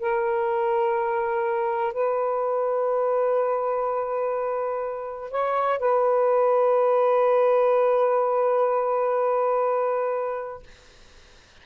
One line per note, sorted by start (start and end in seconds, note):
0.00 1.93 A#4
1.93 5.31 B4
5.31 5.79 C#5
5.79 10.63 B4